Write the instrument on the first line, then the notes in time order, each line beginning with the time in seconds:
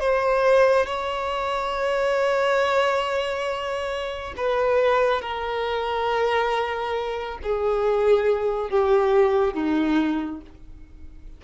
violin
0.00 C5
0.87 C#5
4.37 B4
5.22 A#4
7.43 G#4
8.70 G4
9.54 D#4